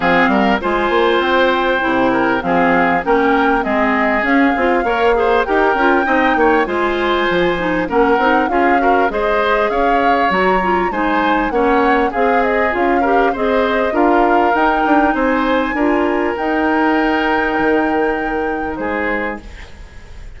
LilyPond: <<
  \new Staff \with { instrumentName = "flute" } { \time 4/4 \tempo 4 = 99 f''4 gis''4 g''2 | f''4 g''4 dis''4 f''4~ | f''4 g''2 gis''4~ | gis''4 fis''4 f''4 dis''4 |
f''4 ais''4 gis''4 fis''4 | f''8 dis''8 f''4 dis''4 f''4 | g''4 gis''2 g''4~ | g''2. c''4 | }
  \new Staff \with { instrumentName = "oboe" } { \time 4/4 gis'8 ais'8 c''2~ c''8 ais'8 | gis'4 ais'4 gis'2 | cis''8 c''8 ais'4 dis''8 cis''8 c''4~ | c''4 ais'4 gis'8 ais'8 c''4 |
cis''2 c''4 cis''4 | gis'4. ais'8 c''4 ais'4~ | ais'4 c''4 ais'2~ | ais'2. gis'4 | }
  \new Staff \with { instrumentName = "clarinet" } { \time 4/4 c'4 f'2 e'4 | c'4 cis'4 c'4 cis'8 f'8 | ais'8 gis'8 g'8 f'8 dis'4 f'4~ | f'8 dis'8 cis'8 dis'8 f'8 fis'8 gis'4~ |
gis'4 fis'8 f'8 dis'4 cis'4 | gis'4 f'8 g'8 gis'4 f'4 | dis'2 f'4 dis'4~ | dis'1 | }
  \new Staff \with { instrumentName = "bassoon" } { \time 4/4 f8 g8 gis8 ais8 c'4 c4 | f4 ais4 gis4 cis'8 c'8 | ais4 dis'8 cis'8 c'8 ais8 gis4 | f4 ais8 c'8 cis'4 gis4 |
cis'4 fis4 gis4 ais4 | c'4 cis'4 c'4 d'4 | dis'8 d'8 c'4 d'4 dis'4~ | dis'4 dis2 gis4 | }
>>